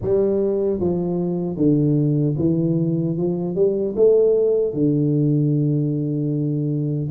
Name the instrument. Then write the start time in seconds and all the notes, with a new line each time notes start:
tuba
0.01 G3
0.79 F3
1.56 D3
2.38 E3
3.17 F3
3.55 G3
3.96 A3
4.73 D3